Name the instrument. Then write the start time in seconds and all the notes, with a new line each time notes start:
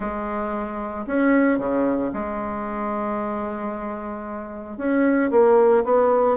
bassoon
0.00 G#3
1.06 C#4
1.58 C#3
2.13 G#3
4.77 C#4
5.30 A#3
5.84 B3